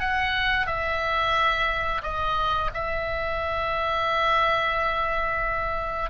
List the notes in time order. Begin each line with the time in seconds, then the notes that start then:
0.00 F#5
0.67 E5
2.03 D#5
2.74 E5